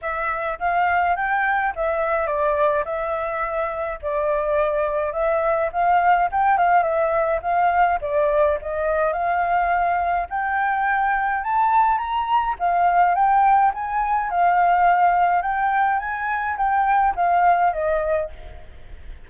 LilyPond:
\new Staff \with { instrumentName = "flute" } { \time 4/4 \tempo 4 = 105 e''4 f''4 g''4 e''4 | d''4 e''2 d''4~ | d''4 e''4 f''4 g''8 f''8 | e''4 f''4 d''4 dis''4 |
f''2 g''2 | a''4 ais''4 f''4 g''4 | gis''4 f''2 g''4 | gis''4 g''4 f''4 dis''4 | }